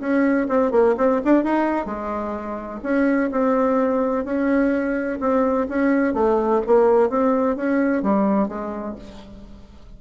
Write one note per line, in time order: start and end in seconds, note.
0.00 0.47 C#4
0.49 0.71 C4
0.71 0.95 A#3
0.98 1.21 C4
1.25 1.44 D4
1.44 1.86 D#4
1.86 2.80 G#3
2.83 3.30 C#4
3.32 4.25 C4
4.25 5.19 C#4
5.20 5.67 C4
5.69 6.14 C#4
6.14 6.61 A3
6.67 7.10 A#3
7.10 7.57 C4
7.57 8.03 C#4
8.03 8.48 G3
8.48 8.95 G#3